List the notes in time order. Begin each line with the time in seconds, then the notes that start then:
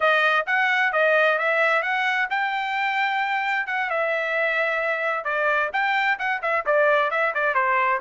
0.00 D#5
0.46 F#5
0.92 D#5
1.38 E5
1.82 F#5
2.29 G5
3.66 F#5
3.89 E5
5.24 D5
5.72 G5
6.18 F#5
6.41 E5
6.66 D5
7.10 E5
7.34 D5
7.54 C5